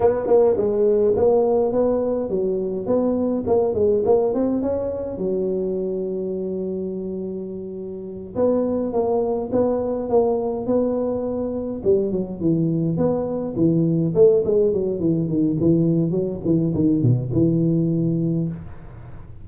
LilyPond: \new Staff \with { instrumentName = "tuba" } { \time 4/4 \tempo 4 = 104 b8 ais8 gis4 ais4 b4 | fis4 b4 ais8 gis8 ais8 c'8 | cis'4 fis2.~ | fis2~ fis8 b4 ais8~ |
ais8 b4 ais4 b4.~ | b8 g8 fis8 e4 b4 e8~ | e8 a8 gis8 fis8 e8 dis8 e4 | fis8 e8 dis8 b,8 e2 | }